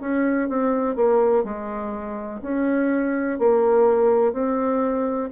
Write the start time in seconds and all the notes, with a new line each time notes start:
0.00 C#4
0.48 C4
0.95 A#3
1.44 G#3
2.41 C#4
3.38 A#3
4.32 C4